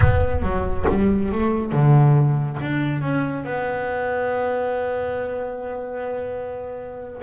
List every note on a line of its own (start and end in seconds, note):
0.00 0.42 B3
0.42 0.85 F#3
0.88 1.32 G3
1.32 1.71 A3
1.71 2.58 D3
2.61 3.01 D4
3.01 3.44 C#4
3.44 7.21 B3